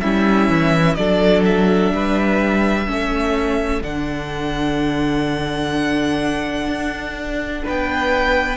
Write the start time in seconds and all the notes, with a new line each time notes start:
0.00 G3 C#4 E4 E5
0.49 E3
0.95 F#3 D4 A4 D5
1.44 E5
1.91 G3 B4
2.86 A3 C#4 A4
3.82 D3 D4 F#5
6.67 D4
7.64 B3 B4 G5